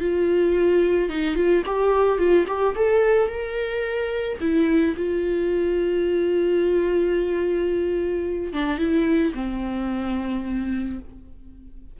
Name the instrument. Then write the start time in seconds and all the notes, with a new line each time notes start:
viola
0.00 F4
1.09 D#4
1.35 F4
1.65 G4
2.18 F4
2.47 G4
2.75 A4
3.28 A#4
4.40 E4
4.97 F4
8.53 D4
8.78 E4
9.34 C4